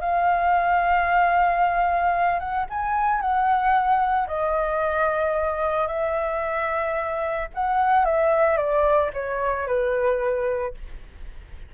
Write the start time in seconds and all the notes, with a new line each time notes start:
0.00 F5
2.39 F#5
2.70 G#5
3.21 F#5
4.27 D#5
5.87 E5
7.54 F#5
8.05 E5
8.57 D5
9.13 C#5
9.67 B4